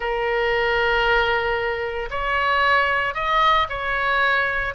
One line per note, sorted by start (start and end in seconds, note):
0.00 2.09 A#4
2.10 3.14 C#5
3.14 3.67 D#5
3.69 4.74 C#5